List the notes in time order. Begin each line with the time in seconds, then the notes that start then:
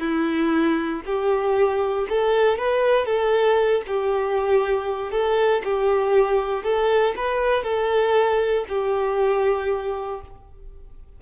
0.00 E4
1.06 G4
2.09 A4
2.58 B4
3.06 A4
3.87 G4
5.11 A4
5.64 G4
6.64 A4
7.16 B4
7.63 A4
8.69 G4